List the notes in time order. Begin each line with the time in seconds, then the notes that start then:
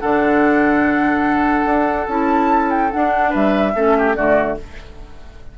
0.00 D3 D4 A4 F#5
1.65 D4
2.08 C#4 E4 A5
2.70 G5
2.91 D4 F#5
3.30 G3 B4 E5
3.75 A3 C#4 A4
3.98 G4
4.15 D3 A3 F#4 D5